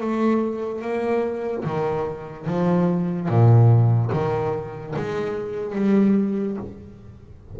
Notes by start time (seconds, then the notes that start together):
0.00 A3
0.81 A#3
1.64 D#3
2.47 F3
3.28 A#2
4.12 D#3
4.96 G#3
5.75 G3